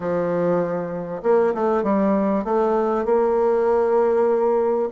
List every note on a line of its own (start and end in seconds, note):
0.00 1.21 F3
1.22 1.53 A#3
1.54 1.83 A3
1.83 2.44 G3
2.44 3.05 A3
3.05 4.89 A#3